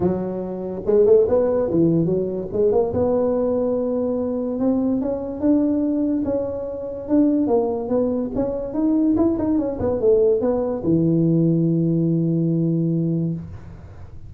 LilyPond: \new Staff \with { instrumentName = "tuba" } { \time 4/4 \tempo 4 = 144 fis2 gis8 a8 b4 | e4 fis4 gis8 ais8 b4~ | b2. c'4 | cis'4 d'2 cis'4~ |
cis'4 d'4 ais4 b4 | cis'4 dis'4 e'8 dis'8 cis'8 b8 | a4 b4 e2~ | e1 | }